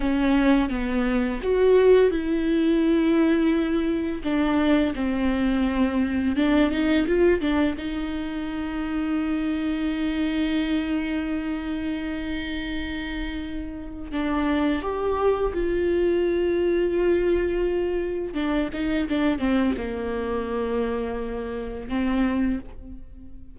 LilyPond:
\new Staff \with { instrumentName = "viola" } { \time 4/4 \tempo 4 = 85 cis'4 b4 fis'4 e'4~ | e'2 d'4 c'4~ | c'4 d'8 dis'8 f'8 d'8 dis'4~ | dis'1~ |
dis'1 | d'4 g'4 f'2~ | f'2 d'8 dis'8 d'8 c'8 | ais2. c'4 | }